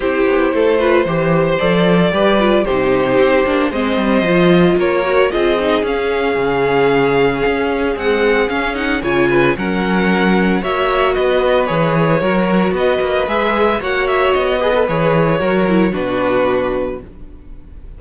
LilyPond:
<<
  \new Staff \with { instrumentName = "violin" } { \time 4/4 \tempo 4 = 113 c''2. d''4~ | d''4 c''2 dis''4~ | dis''4 cis''4 dis''4 f''4~ | f''2. fis''4 |
f''8 fis''8 gis''4 fis''2 | e''4 dis''4 cis''2 | dis''4 e''4 fis''8 e''8 dis''4 | cis''2 b'2 | }
  \new Staff \with { instrumentName = "violin" } { \time 4/4 g'4 a'8 b'8 c''2 | b'4 g'2 c''4~ | c''4 ais'4 gis'2~ | gis'1~ |
gis'4 cis''8 b'8 ais'2 | cis''4 b'2 ais'4 | b'2 cis''4. b'8~ | b'4 ais'4 fis'2 | }
  \new Staff \with { instrumentName = "viola" } { \time 4/4 e'4. f'8 g'4 a'4 | g'8 f'8 dis'4. d'8 c'4 | f'4. fis'8 f'8 dis'8 cis'4~ | cis'2. gis4 |
cis'8 dis'8 f'4 cis'2 | fis'2 gis'4 fis'4~ | fis'4 gis'4 fis'4. gis'16 a'16 | gis'4 fis'8 e'8 d'2 | }
  \new Staff \with { instrumentName = "cello" } { \time 4/4 c'8 b8 a4 e4 f4 | g4 c4 c'8 ais8 gis8 g8 | f4 ais4 c'4 cis'4 | cis2 cis'4 c'4 |
cis'4 cis4 fis2 | ais4 b4 e4 fis4 | b8 ais8 gis4 ais4 b4 | e4 fis4 b,2 | }
>>